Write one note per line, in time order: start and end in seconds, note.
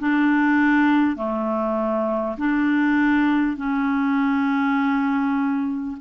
0.00 1.17 D4
1.17 2.37 A3
2.38 3.57 D4
3.57 5.97 C#4